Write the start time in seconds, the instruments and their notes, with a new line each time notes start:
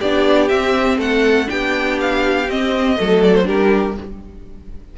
0.00 cello B3, viola D4, violin G4 D5
0.49 viola C4, cello C4, violin E5
0.98 cello A3, violin A4 F#5
1.46 cello B3, viola D4, violin G4 G5
2.01 violin F5
2.49 cello C4, viola C4, violin D#5
2.97 cello F#3, viola A3, violin A4
3.23 violin D5
3.35 violin C5
3.43 cello G3, viola D4, violin G4 A#4